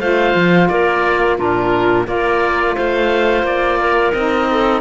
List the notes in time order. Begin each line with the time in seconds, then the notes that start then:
0.00 A3 F4 C5 F5
0.35 F3
0.69 A#3 A#4 D5
1.38 A#2 D4 F4 A#4
2.06 A#3 F4 A#4 D5
2.76 A3 C5 F5
3.44 A#3 D5
3.81 A#4
4.13 C4 D#4 D#5
4.51 A4